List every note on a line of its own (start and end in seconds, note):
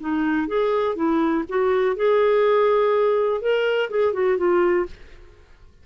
0.00 0.48 D#4
0.48 0.96 G#4
0.96 1.44 E4
1.49 1.96 F#4
1.96 3.41 G#4
3.41 3.90 A#4
3.90 4.13 G#4
4.13 4.38 F#4
4.38 4.86 F4